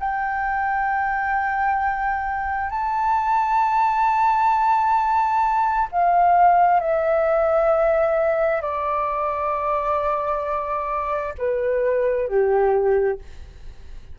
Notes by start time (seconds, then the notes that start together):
0.00 G5
2.70 A5
5.92 F5
6.81 E5
8.62 D5
11.38 B4
12.28 G4